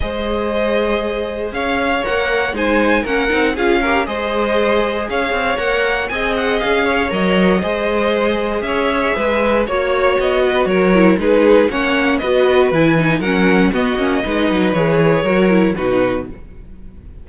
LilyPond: <<
  \new Staff \with { instrumentName = "violin" } { \time 4/4 \tempo 4 = 118 dis''2. f''4 | fis''4 gis''4 fis''4 f''4 | dis''2 f''4 fis''4 | gis''8 fis''8 f''4 dis''2~ |
dis''4 e''2 cis''4 | dis''4 cis''4 b'4 fis''4 | dis''4 gis''4 fis''4 dis''4~ | dis''4 cis''2 b'4 | }
  \new Staff \with { instrumentName = "violin" } { \time 4/4 c''2. cis''4~ | cis''4 c''4 ais'4 gis'8 ais'8 | c''2 cis''2 | dis''4. cis''4. c''4~ |
c''4 cis''4 b'4 cis''4~ | cis''8 b'8 ais'4 gis'4 cis''4 | b'2 ais'4 fis'4 | b'2 ais'4 fis'4 | }
  \new Staff \with { instrumentName = "viola" } { \time 4/4 gis'1 | ais'4 dis'4 cis'8 dis'8 f'8 g'8 | gis'2. ais'4 | gis'2 ais'4 gis'4~ |
gis'2. fis'4~ | fis'4. e'8 dis'4 cis'4 | fis'4 e'8 dis'8 cis'4 b8 cis'8 | dis'4 gis'4 fis'8 e'8 dis'4 | }
  \new Staff \with { instrumentName = "cello" } { \time 4/4 gis2. cis'4 | ais4 gis4 ais8 c'8 cis'4 | gis2 cis'8 c'8 ais4 | c'4 cis'4 fis4 gis4~ |
gis4 cis'4 gis4 ais4 | b4 fis4 gis4 ais4 | b4 e4 fis4 b8 ais8 | gis8 fis8 e4 fis4 b,4 | }
>>